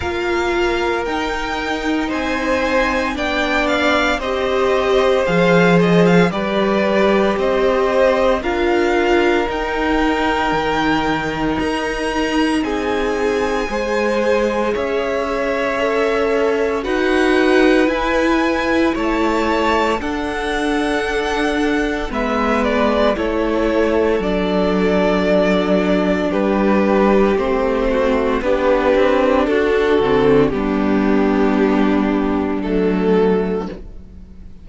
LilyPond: <<
  \new Staff \with { instrumentName = "violin" } { \time 4/4 \tempo 4 = 57 f''4 g''4 gis''4 g''8 f''8 | dis''4 f''8 dis''16 f''16 d''4 dis''4 | f''4 g''2 ais''4 | gis''2 e''2 |
fis''4 gis''4 a''4 fis''4~ | fis''4 e''8 d''8 cis''4 d''4~ | d''4 b'4 c''4 b'4 | a'4 g'2 a'4 | }
  \new Staff \with { instrumentName = "violin" } { \time 4/4 ais'2 c''4 d''4 | c''2 b'4 c''4 | ais'1 | gis'4 c''4 cis''2 |
b'2 cis''4 a'4~ | a'4 b'4 a'2~ | a'4 g'4. fis'8 g'4 | fis'4 d'2. | }
  \new Staff \with { instrumentName = "viola" } { \time 4/4 f'4 dis'2 d'4 | g'4 gis'4 g'2 | f'4 dis'2.~ | dis'4 gis'2 a'4 |
fis'4 e'2 d'4~ | d'4 b4 e'4 d'4~ | d'2 c'4 d'4~ | d'8 c'8 b2 a4 | }
  \new Staff \with { instrumentName = "cello" } { \time 4/4 ais4 dis'4 c'4 b4 | c'4 f4 g4 c'4 | d'4 dis'4 dis4 dis'4 | c'4 gis4 cis'2 |
dis'4 e'4 a4 d'4~ | d'4 gis4 a4 fis4~ | fis4 g4 a4 b8 c'8 | d'8 d8 g2 fis4 | }
>>